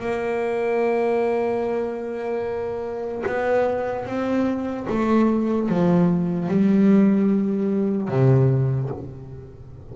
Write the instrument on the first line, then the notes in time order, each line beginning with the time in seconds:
double bass
0.00 A#3
3.27 B3
4.06 C4
4.89 A3
5.69 F3
6.49 G3
8.09 C3